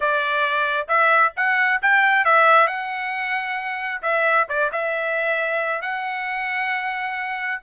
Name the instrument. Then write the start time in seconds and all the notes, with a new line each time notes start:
trumpet
0.00 D5
0.88 E5
1.36 F#5
1.82 G5
2.24 E5
2.67 F#5
4.02 E5
4.48 D5
4.72 E5
5.81 F#5